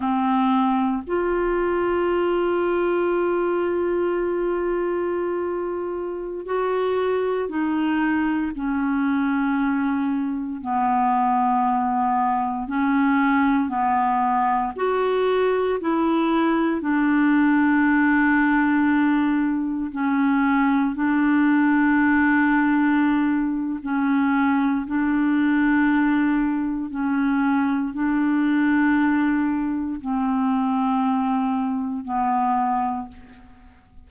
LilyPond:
\new Staff \with { instrumentName = "clarinet" } { \time 4/4 \tempo 4 = 58 c'4 f'2.~ | f'2~ f'16 fis'4 dis'8.~ | dis'16 cis'2 b4.~ b16~ | b16 cis'4 b4 fis'4 e'8.~ |
e'16 d'2. cis'8.~ | cis'16 d'2~ d'8. cis'4 | d'2 cis'4 d'4~ | d'4 c'2 b4 | }